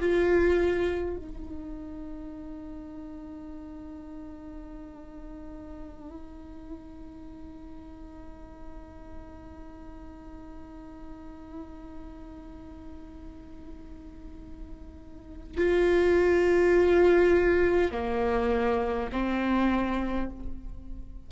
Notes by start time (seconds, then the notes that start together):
0.00 F4
1.16 D#4
15.57 F4
17.91 A#3
19.12 C4